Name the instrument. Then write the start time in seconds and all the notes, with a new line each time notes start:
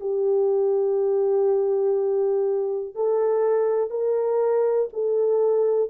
horn
0.00 G4
2.95 A4
3.90 A#4
4.93 A4